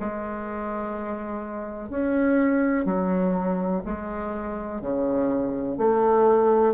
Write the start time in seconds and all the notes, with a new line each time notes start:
0.00 G#3
1.90 C#4
2.85 F#3
3.85 G#3
4.81 C#3
5.78 A3